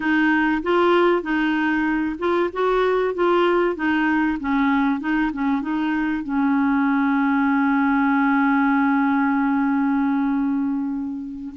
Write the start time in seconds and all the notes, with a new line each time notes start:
0.00 D#4
0.62 F4
1.22 D#4
2.18 F4
2.52 F#4
3.14 F4
3.75 D#4
4.39 C#4
5.00 D#4
5.32 C#4
5.61 D#4
6.23 C#4